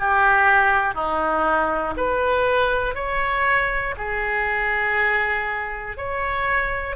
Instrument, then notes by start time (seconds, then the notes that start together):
oboe
0.00 G4
0.95 D#4
1.97 B4
2.95 C#5
3.97 G#4
5.98 C#5